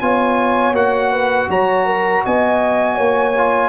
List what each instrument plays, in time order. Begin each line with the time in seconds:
0.00 tuba B3, trombone F4, horn C#5, trumpet G#5
0.71 tuba A#3, trombone F#4, trumpet F#5
1.11 horn B4
1.49 tuba F#3, horn C#5, trumpet A#5
1.85 horn A#4
2.25 tuba B3, horn D#5, trumpet G#5
2.95 tuba A#3, horn C#5
3.37 trombone F4